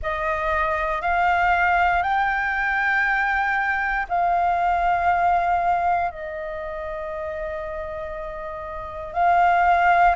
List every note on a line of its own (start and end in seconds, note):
0.02 1.01 D#5
1.01 2.02 F5
2.02 4.06 G5
4.09 6.10 F5
6.10 9.13 D#5
9.13 10.15 F5